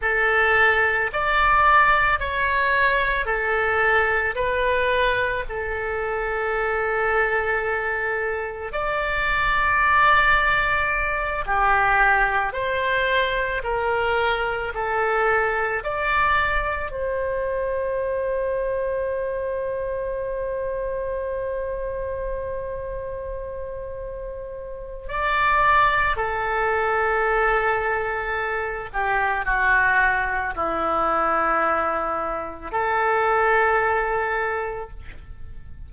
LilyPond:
\new Staff \with { instrumentName = "oboe" } { \time 4/4 \tempo 4 = 55 a'4 d''4 cis''4 a'4 | b'4 a'2. | d''2~ d''8 g'4 c''8~ | c''8 ais'4 a'4 d''4 c''8~ |
c''1~ | c''2. d''4 | a'2~ a'8 g'8 fis'4 | e'2 a'2 | }